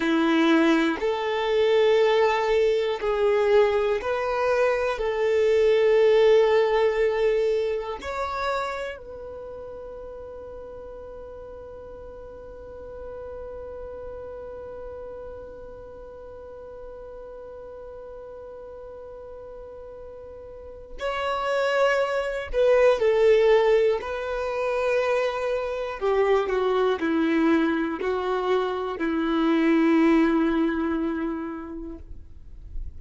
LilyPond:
\new Staff \with { instrumentName = "violin" } { \time 4/4 \tempo 4 = 60 e'4 a'2 gis'4 | b'4 a'2. | cis''4 b'2.~ | b'1~ |
b'1~ | b'4 cis''4. b'8 a'4 | b'2 g'8 fis'8 e'4 | fis'4 e'2. | }